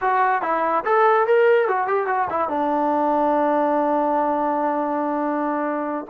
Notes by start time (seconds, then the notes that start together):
0.01 F#4
0.42 E4
0.84 A4
1.27 A#4
1.68 F#4
1.87 G4
2.07 F#4
2.30 E4
2.49 D4